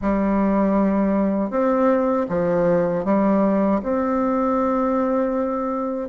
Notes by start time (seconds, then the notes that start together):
0.01 G3
1.50 C4
2.29 F3
3.04 G3
3.82 C4